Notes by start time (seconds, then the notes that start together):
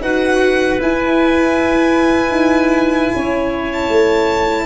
0.00 D#4 F#4 B4 F#5
0.79 E4 G#5
2.30 D#4
3.14 C#4 C#5
3.72 A5
3.88 A3